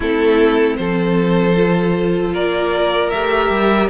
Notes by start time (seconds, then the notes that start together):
0.00 A3 C4 E4 A4
0.76 F3 A4 C5
1.56 F4
2.34 A#3 A#4 D5
3.10 A3 G4 E5
3.49 G3